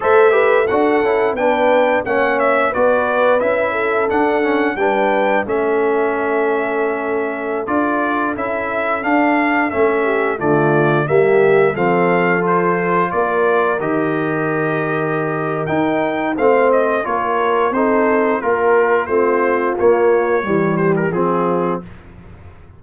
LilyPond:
<<
  \new Staff \with { instrumentName = "trumpet" } { \time 4/4 \tempo 4 = 88 e''4 fis''4 g''4 fis''8 e''8 | d''4 e''4 fis''4 g''4 | e''2.~ e''16 d''8.~ | d''16 e''4 f''4 e''4 d''8.~ |
d''16 e''4 f''4 c''4 d''8.~ | d''16 dis''2~ dis''8. g''4 | f''8 dis''8 cis''4 c''4 ais'4 | c''4 cis''4. c''16 ais'16 gis'4 | }
  \new Staff \with { instrumentName = "horn" } { \time 4/4 c''8 b'8 a'4 b'4 cis''4 | b'4. a'4. b'4 | a'1~ | a'2~ a'8. g'8 f'8.~ |
f'16 g'4 a'2 ais'8.~ | ais'1 | c''4 ais'4 a'4 ais'4 | f'2 g'4 f'4 | }
  \new Staff \with { instrumentName = "trombone" } { \time 4/4 a'8 g'8 fis'8 e'8 d'4 cis'4 | fis'4 e'4 d'8 cis'8 d'4 | cis'2.~ cis'16 f'8.~ | f'16 e'4 d'4 cis'4 a8.~ |
a16 ais4 c'4 f'4.~ f'16~ | f'16 g'2~ g'8. dis'4 | c'4 f'4 dis'4 f'4 | c'4 ais4 g4 c'4 | }
  \new Staff \with { instrumentName = "tuba" } { \time 4/4 a4 d'8 cis'8 b4 ais4 | b4 cis'4 d'4 g4 | a2.~ a16 d'8.~ | d'16 cis'4 d'4 a4 d8.~ |
d16 g4 f2 ais8.~ | ais16 dis2~ dis8. dis'4 | a4 ais4 c'4 ais4 | a4 ais4 e4 f4 | }
>>